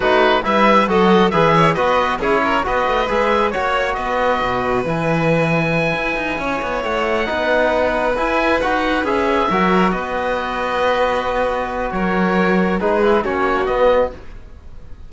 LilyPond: <<
  \new Staff \with { instrumentName = "oboe" } { \time 4/4 \tempo 4 = 136 b'4 e''4 dis''4 e''4 | dis''4 cis''4 dis''4 e''4 | cis''4 dis''2 gis''4~ | gis''2.~ gis''8 fis''8~ |
fis''2~ fis''8 gis''4 fis''8~ | fis''8 e''2 dis''4.~ | dis''2. cis''4~ | cis''4 b'4 cis''4 dis''4 | }
  \new Staff \with { instrumentName = "violin" } { \time 4/4 fis'4 b'4 a'4 b'8 cis''8 | b'4 gis'8 ais'8 b'2 | cis''4 b'2.~ | b'2~ b'8 cis''4.~ |
cis''8 b'2.~ b'8~ | b'4. ais'4 b'4.~ | b'2. ais'4~ | ais'4 gis'4 fis'2 | }
  \new Staff \with { instrumentName = "trombone" } { \time 4/4 dis'4 e'4 fis'4 gis'4 | fis'4 e'4 fis'4 gis'4 | fis'2. e'4~ | e'1~ |
e'8 dis'2 e'4 fis'8~ | fis'8 gis'4 fis'2~ fis'8~ | fis'1~ | fis'4 dis'8 e'8 cis'4 b4 | }
  \new Staff \with { instrumentName = "cello" } { \time 4/4 a4 g4 fis4 e4 | b4 cis'4 b8 a8 gis4 | ais4 b4 b,4 e4~ | e4. e'8 dis'8 cis'8 b8 a8~ |
a8 b2 e'4 dis'8~ | dis'8 cis'4 fis4 b4.~ | b2. fis4~ | fis4 gis4 ais4 b4 | }
>>